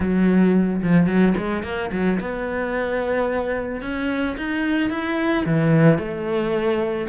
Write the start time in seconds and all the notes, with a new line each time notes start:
0.00 F#3
0.82 F3
1.06 F#3
1.37 G#3
1.63 A#3
1.92 F#3
2.20 B3
3.81 C#4
4.37 D#4
4.90 E4
5.45 E3
5.98 A3